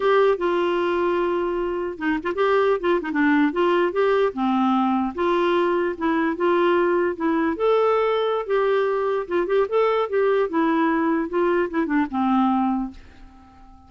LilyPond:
\new Staff \with { instrumentName = "clarinet" } { \time 4/4 \tempo 4 = 149 g'4 f'2.~ | f'4 dis'8 f'16 g'4~ g'16 f'8 dis'16 d'16~ | d'8. f'4 g'4 c'4~ c'16~ | c'8. f'2 e'4 f'16~ |
f'4.~ f'16 e'4 a'4~ a'16~ | a'4 g'2 f'8 g'8 | a'4 g'4 e'2 | f'4 e'8 d'8 c'2 | }